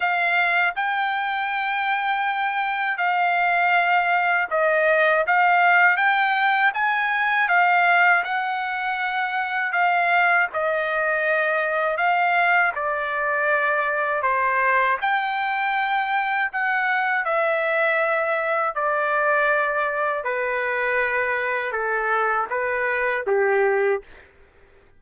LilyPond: \new Staff \with { instrumentName = "trumpet" } { \time 4/4 \tempo 4 = 80 f''4 g''2. | f''2 dis''4 f''4 | g''4 gis''4 f''4 fis''4~ | fis''4 f''4 dis''2 |
f''4 d''2 c''4 | g''2 fis''4 e''4~ | e''4 d''2 b'4~ | b'4 a'4 b'4 g'4 | }